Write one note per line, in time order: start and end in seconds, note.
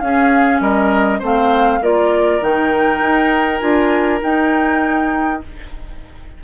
0.00 0.60 C#4
0.00 1.21 C#4
0.00 0.62 G#4
0.00 0.60 F5
0.60 1.21 G3
0.60 1.19 A#4
0.60 1.21 D#5
1.19 1.81 A3
1.19 1.81 C4
1.19 1.79 C5
1.26 1.84 F5
1.81 2.42 A#3
1.81 2.41 F4
1.81 5.42 A#4
1.81 2.44 D5
2.41 3.02 D#3
2.41 3.60 D#4
2.41 3.59 G5
3.02 3.62 D#4
3.59 4.22 D4
3.59 4.20 F4
3.59 4.19 G#5
4.21 5.41 D#4
4.21 5.44 D#4
4.21 5.43 G5